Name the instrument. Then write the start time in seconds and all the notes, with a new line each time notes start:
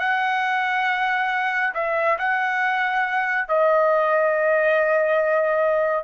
trumpet
0.00 F#5
1.75 E5
2.19 F#5
3.49 D#5